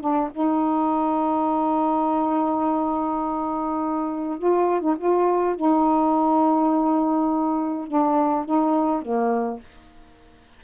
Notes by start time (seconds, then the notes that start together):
0.00 D4
0.31 D#4
4.38 F4
4.81 D#4
4.98 F4
5.56 D#4
7.87 D4
8.45 D#4
9.02 A#3